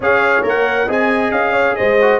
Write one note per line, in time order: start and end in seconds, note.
0.00 0.42 C#4
0.00 0.42 G#4
0.00 0.87 C#5
0.00 0.46 F5
0.42 0.88 A#3
0.42 0.86 A#4
0.42 0.91 F#5
0.87 1.31 C4
0.87 1.98 G#4
0.87 1.52 D#5
0.87 1.31 G#5
1.31 1.75 C#4
1.31 1.75 F5
1.52 1.75 C#5
1.75 2.19 G#3
1.75 2.19 C5
1.75 2.19 D#5
2.01 2.19 F#4